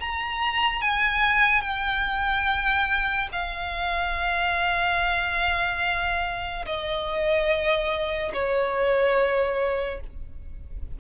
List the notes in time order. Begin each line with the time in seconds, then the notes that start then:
0.00 A#5
0.81 G#5
1.61 G5
3.32 F5
6.66 D#5
8.33 C#5